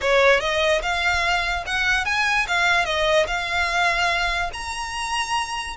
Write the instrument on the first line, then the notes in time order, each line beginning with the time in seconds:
violin
0.01 C#5
0.40 D#5
0.82 F5
1.66 F#5
2.05 G#5
2.47 F5
2.85 D#5
3.27 F5
4.53 A#5